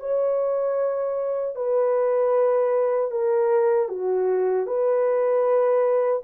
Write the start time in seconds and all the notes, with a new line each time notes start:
0.00 C#5
1.55 B4
3.11 A#4
3.89 F#4
4.67 B4